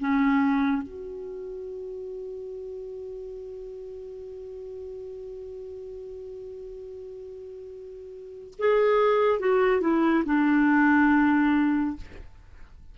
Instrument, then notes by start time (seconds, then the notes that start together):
clarinet
0.00 C#4
0.83 F#4
8.59 G#4
9.40 F#4
9.81 E4
10.25 D4